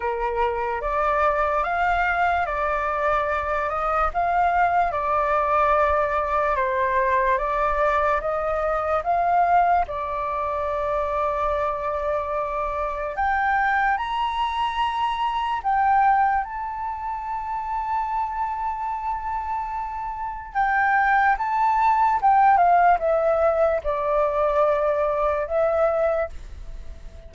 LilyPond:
\new Staff \with { instrumentName = "flute" } { \time 4/4 \tempo 4 = 73 ais'4 d''4 f''4 d''4~ | d''8 dis''8 f''4 d''2 | c''4 d''4 dis''4 f''4 | d''1 |
g''4 ais''2 g''4 | a''1~ | a''4 g''4 a''4 g''8 f''8 | e''4 d''2 e''4 | }